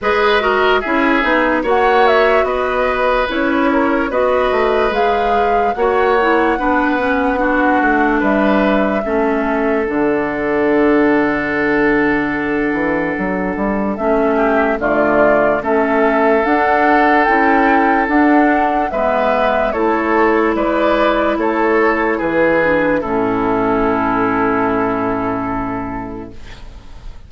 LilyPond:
<<
  \new Staff \with { instrumentName = "flute" } { \time 4/4 \tempo 4 = 73 dis''4 e''4 fis''8 e''8 dis''4 | cis''4 dis''4 f''4 fis''4~ | fis''2 e''2 | fis''1~ |
fis''4 e''4 d''4 e''4 | fis''4 g''4 fis''4 e''4 | cis''4 d''4 cis''4 b'4 | a'1 | }
  \new Staff \with { instrumentName = "oboe" } { \time 4/4 b'8 ais'8 gis'4 cis''4 b'4~ | b'8 ais'8 b'2 cis''4 | b'4 fis'4 b'4 a'4~ | a'1~ |
a'4. g'8 f'4 a'4~ | a'2. b'4 | a'4 b'4 a'4 gis'4 | e'1 | }
  \new Staff \with { instrumentName = "clarinet" } { \time 4/4 gis'8 fis'8 e'8 dis'8 fis'2 | e'4 fis'4 gis'4 fis'8 e'8 | d'8 cis'8 d'2 cis'4 | d'1~ |
d'4 cis'4 a4 cis'4 | d'4 e'4 d'4 b4 | e'2.~ e'8 d'8 | cis'1 | }
  \new Staff \with { instrumentName = "bassoon" } { \time 4/4 gis4 cis'8 b8 ais4 b4 | cis'4 b8 a8 gis4 ais4 | b4. a8 g4 a4 | d2.~ d8 e8 |
fis8 g8 a4 d4 a4 | d'4 cis'4 d'4 gis4 | a4 gis4 a4 e4 | a,1 | }
>>